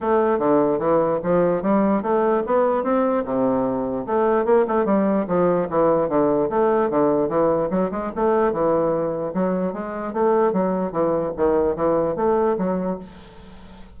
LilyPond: \new Staff \with { instrumentName = "bassoon" } { \time 4/4 \tempo 4 = 148 a4 d4 e4 f4 | g4 a4 b4 c'4 | c2 a4 ais8 a8 | g4 f4 e4 d4 |
a4 d4 e4 fis8 gis8 | a4 e2 fis4 | gis4 a4 fis4 e4 | dis4 e4 a4 fis4 | }